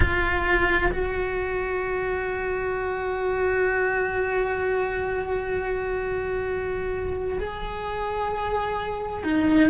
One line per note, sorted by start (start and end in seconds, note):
0.00 0.91 F4
0.92 7.38 F#4
7.38 9.23 G#4
9.23 9.69 D#4